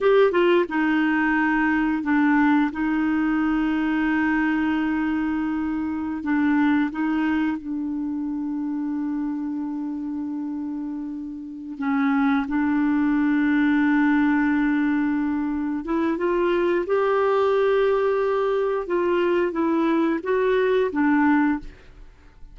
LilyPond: \new Staff \with { instrumentName = "clarinet" } { \time 4/4 \tempo 4 = 89 g'8 f'8 dis'2 d'4 | dis'1~ | dis'4~ dis'16 d'4 dis'4 d'8.~ | d'1~ |
d'4. cis'4 d'4.~ | d'2.~ d'8 e'8 | f'4 g'2. | f'4 e'4 fis'4 d'4 | }